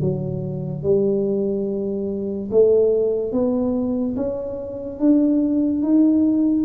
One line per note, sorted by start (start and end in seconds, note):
0.00 0.83 F#3
0.83 2.49 G3
2.51 3.32 A3
3.32 4.15 B3
4.16 4.99 C#4
4.99 5.82 D4
5.82 6.65 D#4